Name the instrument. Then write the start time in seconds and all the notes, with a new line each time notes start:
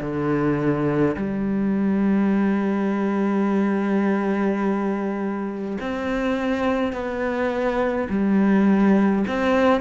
cello
0.00 D3
1.16 G3
5.80 C4
6.92 B3
8.09 G3
9.27 C4